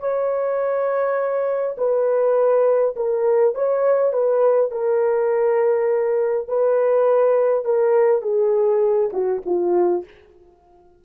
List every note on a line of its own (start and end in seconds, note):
0.00 1.76 C#5
1.78 2.96 B4
2.96 3.55 A#4
3.55 4.13 C#5
4.13 4.72 B4
4.72 6.48 A#4
6.48 7.65 B4
7.65 8.22 A#4
8.22 9.10 G#4
9.13 9.42 F#4
9.46 10.05 F4